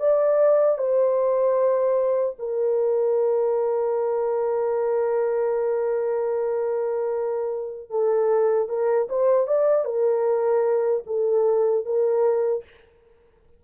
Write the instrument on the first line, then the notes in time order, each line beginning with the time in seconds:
horn
0.00 D5
0.79 C5
2.39 A#4
7.91 A4
8.69 A#4
9.10 C5
9.48 D5
9.85 A#4
11.07 A4
11.86 A#4